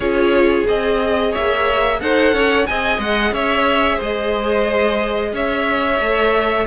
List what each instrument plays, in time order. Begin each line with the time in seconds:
0.00 cello C#4, viola F4, violin G#4 C#5
0.67 cello C4, viola G#4, violin D#5
1.31 cello A#3, violin C#5 E5
2.00 cello D#4, viola A4, violin C5 F#5
2.32 cello C#4, violin C#5
2.66 cello C4, viola G#4, violin D#5 G#5
2.98 cello G#3, violin F#5
3.31 cello C#4, violin C#5 E5
3.96 cello G#3, violin C5 D#5
5.32 cello C#4, violin C#5 E5
5.99 cello A3, viola A4